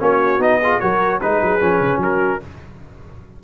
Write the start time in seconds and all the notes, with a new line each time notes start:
0.00 A#3 C#4 F#4 C#5
0.39 B3 D#4 D#5
0.61 F4 G#4
0.80 F#3 F#4 A#4 C#5
1.22 G#3 D#4 G#4 B4
1.42 F#3
1.61 F3 C#4
1.81 C#3
1.98 F#3 A#4
2.04 F#4